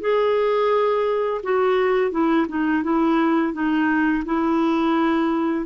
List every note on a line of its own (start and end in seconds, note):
0.00 1.41 G#4
1.43 2.11 F#4
2.11 2.46 E4
2.48 2.83 D#4
2.83 3.53 E4
3.53 4.24 D#4
4.25 5.65 E4